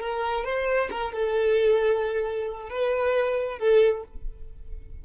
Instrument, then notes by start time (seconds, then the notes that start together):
violin
0.00 A#4
0.44 C5
0.91 A#4
1.13 A4
2.69 B4
3.58 A4